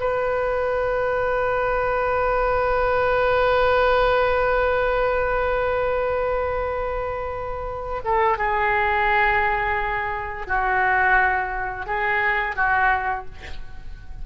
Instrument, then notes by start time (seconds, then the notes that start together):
oboe
0.00 B4
8.05 A4
8.38 G#4
10.47 F#4
11.87 G#4
12.56 F#4